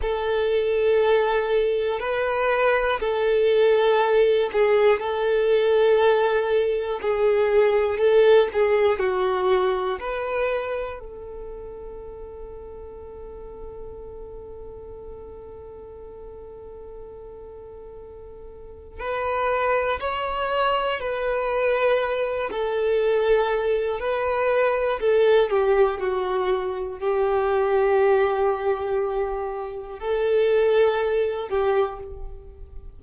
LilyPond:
\new Staff \with { instrumentName = "violin" } { \time 4/4 \tempo 4 = 60 a'2 b'4 a'4~ | a'8 gis'8 a'2 gis'4 | a'8 gis'8 fis'4 b'4 a'4~ | a'1~ |
a'2. b'4 | cis''4 b'4. a'4. | b'4 a'8 g'8 fis'4 g'4~ | g'2 a'4. g'8 | }